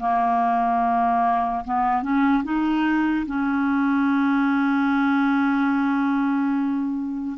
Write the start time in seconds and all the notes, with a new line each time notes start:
0.00 A#3
1.65 B3
2.02 C#4
2.44 D#4
3.27 C#4